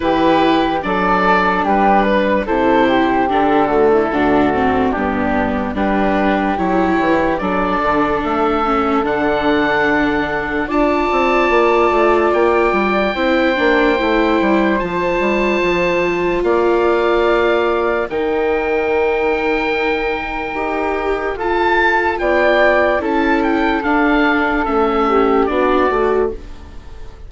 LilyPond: <<
  \new Staff \with { instrumentName = "oboe" } { \time 4/4 \tempo 4 = 73 b'4 d''4 b'4 c''4 | a'2 g'4 b'4 | cis''4 d''4 e''4 fis''4~ | fis''4 a''2 g''4~ |
g''2 a''2 | f''2 g''2~ | g''2 a''4 g''4 | a''8 g''8 f''4 e''4 d''4 | }
  \new Staff \with { instrumentName = "flute" } { \time 4/4 g'4 a'4 g'8 b'8 a'8 g'8~ | g'8 fis'16 e'16 fis'4 d'4 g'4~ | g'4 a'2.~ | a'4 d''2. |
c''1 | d''2 ais'2~ | ais'2 a'4 d''4 | a'2~ a'8 g'8 fis'4 | }
  \new Staff \with { instrumentName = "viola" } { \time 4/4 e'4 d'2 e'4 | d'8 a8 d'8 c'8 b4 d'4 | e'4 d'4. cis'8 d'4~ | d'4 f'2. |
e'8 d'8 e'4 f'2~ | f'2 dis'2~ | dis'4 g'4 f'2 | e'4 d'4 cis'4 d'8 fis'8 | }
  \new Staff \with { instrumentName = "bassoon" } { \time 4/4 e4 fis4 g4 c4 | d4 d,4 g,4 g4 | fis8 e8 fis8 d8 a4 d4~ | d4 d'8 c'8 ais8 a8 ais8 g8 |
c'8 ais8 a8 g8 f8 g8 f4 | ais2 dis2~ | dis4 dis'4 f'4 b4 | cis'4 d'4 a4 b8 a8 | }
>>